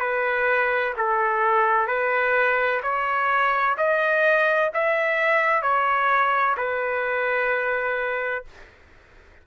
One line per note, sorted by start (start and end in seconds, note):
0.00 0.94 B4
0.97 1.87 A4
1.87 2.81 B4
2.83 3.76 C#5
3.78 4.71 D#5
4.74 5.62 E5
5.62 6.56 C#5
6.57 8.45 B4